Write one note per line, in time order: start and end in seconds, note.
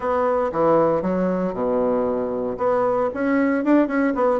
0.00 0.51 B3
0.52 1.02 E3
1.02 1.53 F#3
1.53 2.57 B2
2.57 3.09 B3
3.14 3.64 C#4
3.64 3.87 D4
3.87 4.13 C#4
4.14 4.40 B3